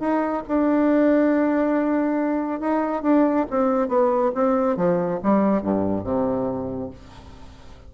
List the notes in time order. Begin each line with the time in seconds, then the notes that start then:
0.00 D#4
0.48 D4
2.60 D#4
3.03 D4
3.50 C4
3.88 B3
4.35 C4
4.77 F3
5.23 G3
5.62 G2
6.04 C3